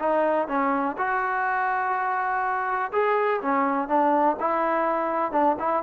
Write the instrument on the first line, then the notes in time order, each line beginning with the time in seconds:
trombone
0.00 D#4
0.48 C#4
0.98 F#4
2.93 G#4
3.42 C#4
3.89 D4
4.40 E4
5.32 D4
5.59 E4